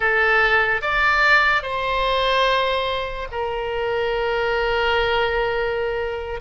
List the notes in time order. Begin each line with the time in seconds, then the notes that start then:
0.00 A4
0.81 D5
1.62 C5
3.31 A#4